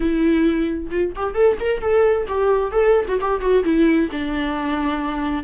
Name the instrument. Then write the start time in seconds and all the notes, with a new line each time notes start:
viola
0.00 E4
0.90 F4
1.15 G4
1.34 A4
1.60 A#4
1.81 A4
2.27 G4
2.71 A4
3.07 F#4
3.20 G4
3.40 F#4
3.64 E4
4.11 D4